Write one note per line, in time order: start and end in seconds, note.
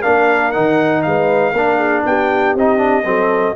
0.00 0.56 A#3
0.00 0.53 D4
0.00 1.01 A#4
0.00 0.51 F5
0.51 1.06 D#3
0.51 1.54 D#4
0.51 1.02 F#5
1.02 1.52 G#3
1.02 1.52 B4
1.02 2.03 F5
1.52 2.03 A#3
1.52 2.57 D4
1.52 1.77 A#4
1.77 2.02 G#4
2.05 2.55 B3
2.05 3.05 G4
2.05 2.55 G5
2.55 3.04 C4
2.55 2.77 D#4
2.55 3.56 D#5
2.77 3.03 D4
3.04 3.55 F#3
3.04 3.55 C4
3.04 3.56 A4